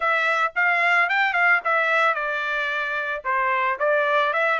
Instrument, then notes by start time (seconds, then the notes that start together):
trumpet
0.00 E5
0.55 F5
1.09 G5
1.33 F5
1.64 E5
2.14 D5
3.24 C5
3.79 D5
4.33 E5